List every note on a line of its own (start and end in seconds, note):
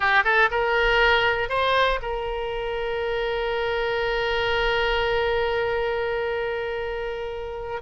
0.00 0.23 G4
0.24 0.49 A4
0.50 1.49 A#4
1.49 1.99 C5
2.01 7.81 A#4